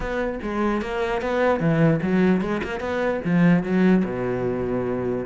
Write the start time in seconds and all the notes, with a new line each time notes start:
0.00 B3
0.42 G#3
0.81 A#3
1.21 B3
1.59 E3
2.02 F#3
2.41 G#3
2.63 A#3
2.80 B3
3.24 F3
3.63 F#3
4.04 B2